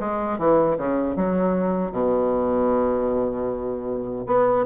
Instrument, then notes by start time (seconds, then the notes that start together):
bassoon
0.00 G#3
0.39 E3
0.78 C#3
1.17 F#3
1.92 B2
4.27 B3